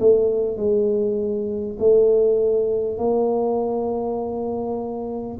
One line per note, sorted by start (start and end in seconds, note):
0.00 0.57 A3
0.57 1.77 G#3
1.79 2.98 A3
2.98 5.38 A#3